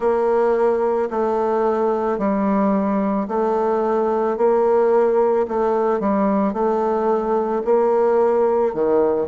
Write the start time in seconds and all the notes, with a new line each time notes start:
0.00 A#3
1.10 A3
2.18 G3
3.28 A3
4.37 A#3
5.47 A3
6.00 G3
6.53 A3
7.65 A#3
8.73 D#3